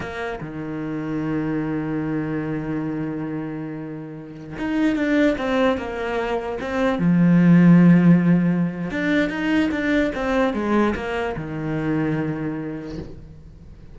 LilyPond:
\new Staff \with { instrumentName = "cello" } { \time 4/4 \tempo 4 = 148 ais4 dis2.~ | dis1~ | dis2.~ dis16 dis'8.~ | dis'16 d'4 c'4 ais4.~ ais16~ |
ais16 c'4 f2~ f8.~ | f2 d'4 dis'4 | d'4 c'4 gis4 ais4 | dis1 | }